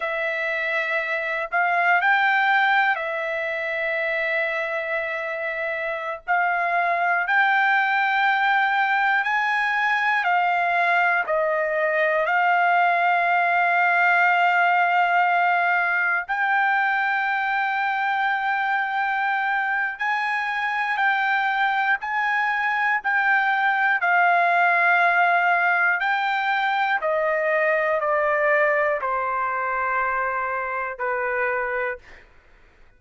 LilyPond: \new Staff \with { instrumentName = "trumpet" } { \time 4/4 \tempo 4 = 60 e''4. f''8 g''4 e''4~ | e''2~ e''16 f''4 g''8.~ | g''4~ g''16 gis''4 f''4 dis''8.~ | dis''16 f''2.~ f''8.~ |
f''16 g''2.~ g''8. | gis''4 g''4 gis''4 g''4 | f''2 g''4 dis''4 | d''4 c''2 b'4 | }